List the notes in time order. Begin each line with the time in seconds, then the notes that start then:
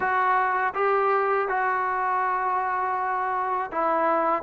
0.00 F#4
0.74 G4
1.48 F#4
3.71 E4